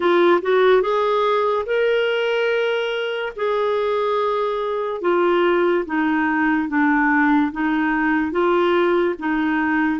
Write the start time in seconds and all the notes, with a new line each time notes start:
0.00 F4
0.41 F#4
0.82 G#4
1.66 A#4
3.36 G#4
5.01 F4
5.85 D#4
6.68 D4
7.52 D#4
8.31 F4
9.18 D#4